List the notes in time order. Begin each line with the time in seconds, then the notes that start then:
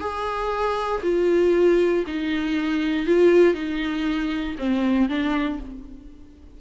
0.00 G#4
1.03 F4
2.07 D#4
3.06 F4
3.54 D#4
4.58 C4
5.09 D4